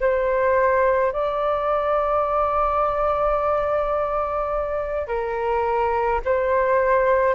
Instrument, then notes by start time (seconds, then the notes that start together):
flute
0.00 C5
1.12 D5
5.07 A#4
6.25 C5